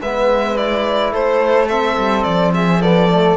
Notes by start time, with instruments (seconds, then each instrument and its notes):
0.00 cello G#3, trombone B3, flute B4, violin E5
0.56 trombone E4, violin D5
1.12 cello A3, flute A4, violin C5
1.68 trombone C4, violin E5
1.97 cello G3
2.23 cello F3, violin D5
2.54 flute G#4, violin E5
2.81 trombone B3, flute A4, violin D5
3.12 trombone A3